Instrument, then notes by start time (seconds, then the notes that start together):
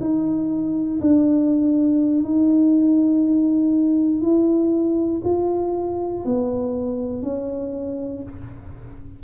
tuba
0.00 D#4
1.00 D4
2.23 D#4
4.21 E4
5.24 F4
6.25 B3
7.22 C#4